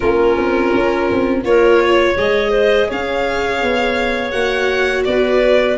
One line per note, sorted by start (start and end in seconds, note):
0.00 0.37 A#3
0.00 1.44 C#4
0.00 1.42 F4
0.00 1.42 A#4
0.37 0.73 C4
0.75 1.11 C#4
1.11 1.43 C4
1.43 2.15 A#3
1.43 2.16 F4
1.43 1.83 A#4
1.43 2.17 C#5
1.83 2.50 C#5
2.16 2.89 G#3
2.16 4.32 G#4
2.16 2.90 D#5
2.50 2.87 C5
2.88 3.62 C#4
2.88 5.05 C#5
2.88 4.30 F5
3.62 4.33 B3
4.30 5.05 A#3
4.30 5.77 F#4
4.30 5.03 F#5
5.04 5.77 B3
5.04 5.77 B4
5.04 5.76 D5